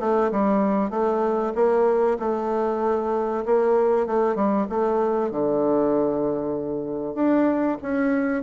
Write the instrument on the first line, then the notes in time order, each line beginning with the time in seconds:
bassoon
0.00 A3
0.32 G3
0.91 A3
1.55 A#3
2.20 A3
3.45 A#3
4.07 A3
4.36 G3
4.69 A3
5.31 D3
7.15 D4
7.82 C#4